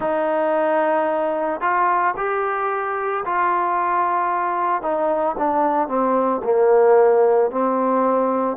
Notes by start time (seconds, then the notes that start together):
0.00 D#4
1.60 F4
2.16 G4
3.25 F4
4.82 D#4
5.38 D4
5.87 C4
6.43 A#3
7.50 C4